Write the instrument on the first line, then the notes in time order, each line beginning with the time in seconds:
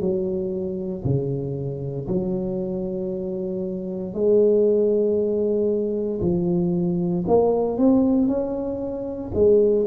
tuba
0.00 F#3
1.04 C#3
2.08 F#3
4.14 G#3
6.21 F3
7.27 A#3
7.78 C4
8.28 C#4
9.34 G#3